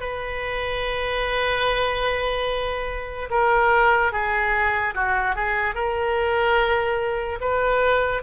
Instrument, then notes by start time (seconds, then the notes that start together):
oboe
0.00 B4
3.30 A#4
4.12 G#4
4.95 F#4
5.35 G#4
5.74 A#4
7.40 B4